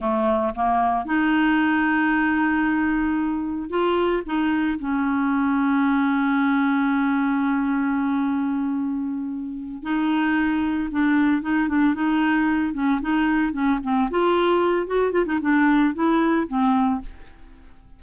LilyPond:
\new Staff \with { instrumentName = "clarinet" } { \time 4/4 \tempo 4 = 113 a4 ais4 dis'2~ | dis'2. f'4 | dis'4 cis'2.~ | cis'1~ |
cis'2~ cis'8 dis'4.~ | dis'8 d'4 dis'8 d'8 dis'4. | cis'8 dis'4 cis'8 c'8 f'4. | fis'8 f'16 dis'16 d'4 e'4 c'4 | }